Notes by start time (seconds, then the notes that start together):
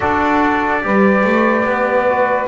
0.00 D4 F#4 A4 D5
0.81 G3 G4 B4
1.24 A3
1.64 B3
2.09 F#4